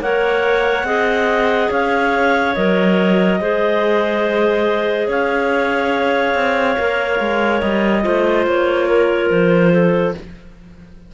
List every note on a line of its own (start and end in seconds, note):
0.00 0.83 A#3
0.00 0.86 A#4
0.00 0.86 C#5
0.00 1.71 F#5
0.83 1.68 C4
0.83 2.55 G#4
0.83 1.70 D#5
1.70 2.55 C#4
1.70 3.39 C#5
1.70 2.54 F5
2.54 3.40 F#3
2.54 3.40 A#4
2.54 5.08 D#5
3.40 5.08 G#3
3.40 6.77 G#4
3.40 5.07 C5
5.07 6.34 C#4
5.07 8.03 C#5
5.07 7.60 F5
6.34 6.76 C4
6.77 7.20 A#3
6.77 8.03 A#4
7.20 7.62 G#3
7.60 8.05 G3
7.60 8.45 D#5
8.03 8.47 A3
8.03 10.14 F4
8.03 8.87 C5
8.47 9.30 A#3
8.47 9.29 C#5
8.87 9.72 A#4
9.29 10.14 F3
9.29 10.14 C5
9.72 10.14 A4